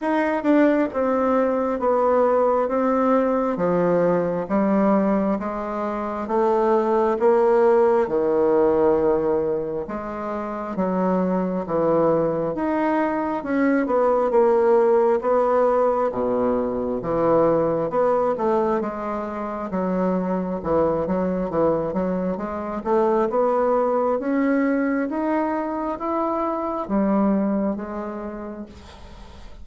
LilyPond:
\new Staff \with { instrumentName = "bassoon" } { \time 4/4 \tempo 4 = 67 dis'8 d'8 c'4 b4 c'4 | f4 g4 gis4 a4 | ais4 dis2 gis4 | fis4 e4 dis'4 cis'8 b8 |
ais4 b4 b,4 e4 | b8 a8 gis4 fis4 e8 fis8 | e8 fis8 gis8 a8 b4 cis'4 | dis'4 e'4 g4 gis4 | }